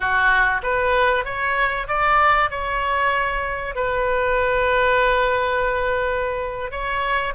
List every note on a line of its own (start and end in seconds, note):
0.00 0.61 F#4
0.62 1.24 B4
1.24 1.87 C#5
1.88 2.50 D5
2.50 3.75 C#5
3.75 6.71 B4
6.71 7.33 C#5